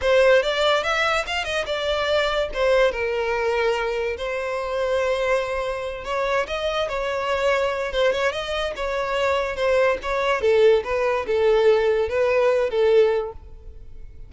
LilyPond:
\new Staff \with { instrumentName = "violin" } { \time 4/4 \tempo 4 = 144 c''4 d''4 e''4 f''8 dis''8 | d''2 c''4 ais'4~ | ais'2 c''2~ | c''2~ c''8 cis''4 dis''8~ |
dis''8 cis''2~ cis''8 c''8 cis''8 | dis''4 cis''2 c''4 | cis''4 a'4 b'4 a'4~ | a'4 b'4. a'4. | }